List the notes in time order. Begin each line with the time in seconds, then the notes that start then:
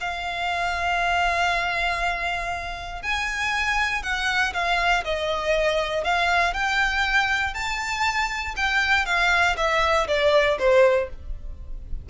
0.00 F5
3.02 G#5
4.03 F#5
4.54 F5
5.04 D#5
6.04 F5
6.53 G5
7.54 A5
8.56 G5
9.05 F5
9.57 E5
10.07 D5
10.59 C5